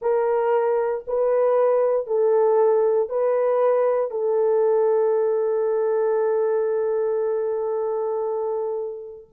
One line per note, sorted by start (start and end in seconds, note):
0.01 1.05 A#4
1.07 2.06 B4
2.06 3.09 A4
3.09 4.10 B4
4.10 9.28 A4